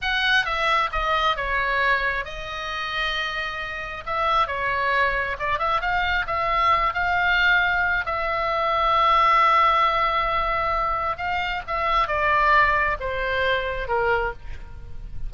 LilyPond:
\new Staff \with { instrumentName = "oboe" } { \time 4/4 \tempo 4 = 134 fis''4 e''4 dis''4 cis''4~ | cis''4 dis''2.~ | dis''4 e''4 cis''2 | d''8 e''8 f''4 e''4. f''8~ |
f''2 e''2~ | e''1~ | e''4 f''4 e''4 d''4~ | d''4 c''2 ais'4 | }